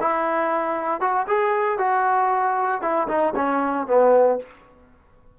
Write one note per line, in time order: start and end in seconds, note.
0.00 1.01 E4
1.01 1.27 F#4
1.27 1.78 G#4
1.78 2.82 F#4
2.82 3.08 E4
3.08 3.34 D#4
3.36 3.87 C#4
3.87 4.39 B3